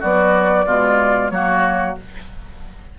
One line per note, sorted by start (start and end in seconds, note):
0.00 0.66 F#3
0.00 0.65 B3
0.00 0.65 F#4
0.00 1.30 D5
0.65 1.31 B2
0.65 1.31 G#3
0.65 1.32 F4
1.30 1.96 F#3
1.30 1.96 A#3
1.30 1.99 F#4
1.30 1.95 C#5